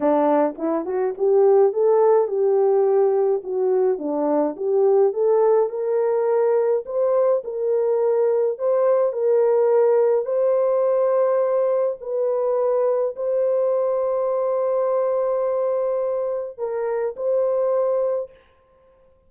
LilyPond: \new Staff \with { instrumentName = "horn" } { \time 4/4 \tempo 4 = 105 d'4 e'8 fis'8 g'4 a'4 | g'2 fis'4 d'4 | g'4 a'4 ais'2 | c''4 ais'2 c''4 |
ais'2 c''2~ | c''4 b'2 c''4~ | c''1~ | c''4 ais'4 c''2 | }